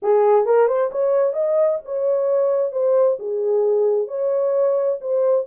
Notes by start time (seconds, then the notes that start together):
0.02 G#4
0.45 A#4
0.67 C5
0.91 C#5
1.33 D#5
1.84 C#5
2.72 C5
3.19 G#4
4.07 C#5
5.00 C5